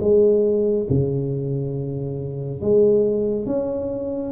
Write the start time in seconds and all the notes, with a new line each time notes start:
0.00 G#3
0.90 C#3
2.61 G#3
3.46 C#4